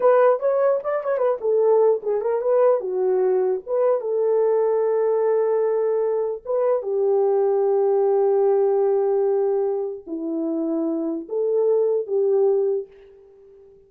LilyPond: \new Staff \with { instrumentName = "horn" } { \time 4/4 \tempo 4 = 149 b'4 cis''4 d''8 cis''8 b'8 a'8~ | a'4 gis'8 ais'8 b'4 fis'4~ | fis'4 b'4 a'2~ | a'1 |
b'4 g'2.~ | g'1~ | g'4 e'2. | a'2 g'2 | }